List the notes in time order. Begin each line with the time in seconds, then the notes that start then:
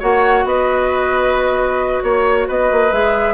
0.00 A#3 F#4 C#5 F#5
0.45 B3 B4 D#5
2.03 A#3 C#5
2.48 B3 B4 D#5
2.72 A#3
2.92 G#3 G#4 E5